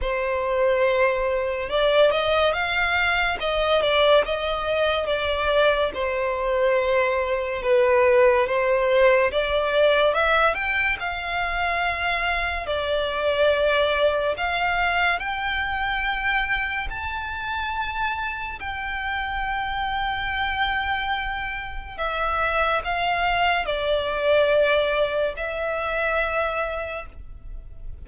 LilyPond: \new Staff \with { instrumentName = "violin" } { \time 4/4 \tempo 4 = 71 c''2 d''8 dis''8 f''4 | dis''8 d''8 dis''4 d''4 c''4~ | c''4 b'4 c''4 d''4 | e''8 g''8 f''2 d''4~ |
d''4 f''4 g''2 | a''2 g''2~ | g''2 e''4 f''4 | d''2 e''2 | }